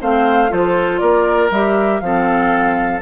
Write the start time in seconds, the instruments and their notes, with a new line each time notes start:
0.00 bassoon A3, clarinet C4, oboe C5, flute F5
0.49 bassoon F3, clarinet F4, oboe A4, flute C5
0.99 bassoon A#3, oboe A#4, flute D5
1.50 bassoon G3, clarinet G4, flute E5
2.00 bassoon F3, clarinet C4, oboe A4, flute F5